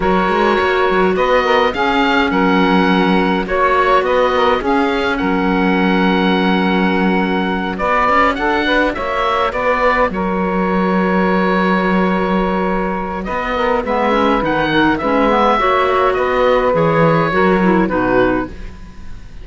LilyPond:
<<
  \new Staff \with { instrumentName = "oboe" } { \time 4/4 \tempo 4 = 104 cis''2 dis''4 f''4 | fis''2 cis''4 dis''4 | f''4 fis''2.~ | fis''4. d''4 fis''4 e''8~ |
e''8 d''4 cis''2~ cis''8~ | cis''2. dis''4 | e''4 fis''4 e''2 | dis''4 cis''2 b'4 | }
  \new Staff \with { instrumentName = "saxophone" } { \time 4/4 ais'2 b'8 ais'8 gis'4 | ais'2 cis''4 b'8 ais'8 | gis'4 ais'2.~ | ais'4. b'4 a'8 b'8 cis''8~ |
cis''8 b'4 ais'2~ ais'8~ | ais'2. b'8 ais'8 | b'4. ais'8 b'4 cis''4 | b'2 ais'4 fis'4 | }
  \new Staff \with { instrumentName = "clarinet" } { \time 4/4 fis'2. cis'4~ | cis'2 fis'2 | cis'1~ | cis'4. fis'2~ fis'8~ |
fis'1~ | fis'1 | b8 cis'8 dis'4 cis'8 b8 fis'4~ | fis'4 gis'4 fis'8 e'8 dis'4 | }
  \new Staff \with { instrumentName = "cello" } { \time 4/4 fis8 gis8 ais8 fis8 b4 cis'4 | fis2 ais4 b4 | cis'4 fis2.~ | fis4. b8 cis'8 d'4 ais8~ |
ais8 b4 fis2~ fis8~ | fis2. b4 | gis4 dis4 gis4 ais4 | b4 e4 fis4 b,4 | }
>>